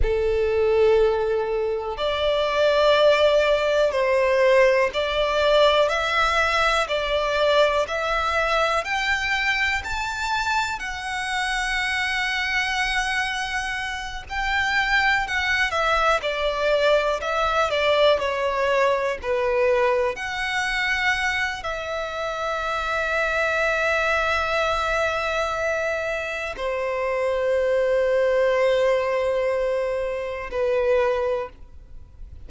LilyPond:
\new Staff \with { instrumentName = "violin" } { \time 4/4 \tempo 4 = 61 a'2 d''2 | c''4 d''4 e''4 d''4 | e''4 g''4 a''4 fis''4~ | fis''2~ fis''8 g''4 fis''8 |
e''8 d''4 e''8 d''8 cis''4 b'8~ | b'8 fis''4. e''2~ | e''2. c''4~ | c''2. b'4 | }